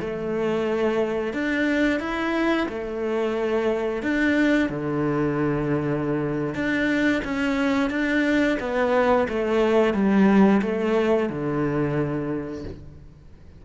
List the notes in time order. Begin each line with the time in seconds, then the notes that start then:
0.00 A3
1.33 D4
1.99 E4
2.68 A3
4.03 D4
4.69 D3
6.54 D4
7.24 C#4
7.90 D4
8.60 B3
9.28 A3
9.93 G3
10.62 A3
11.29 D3